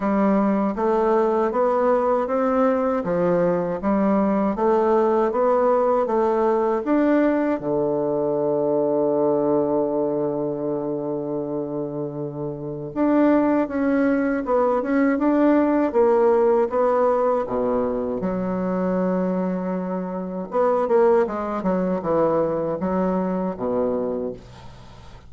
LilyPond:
\new Staff \with { instrumentName = "bassoon" } { \time 4/4 \tempo 4 = 79 g4 a4 b4 c'4 | f4 g4 a4 b4 | a4 d'4 d2~ | d1~ |
d4 d'4 cis'4 b8 cis'8 | d'4 ais4 b4 b,4 | fis2. b8 ais8 | gis8 fis8 e4 fis4 b,4 | }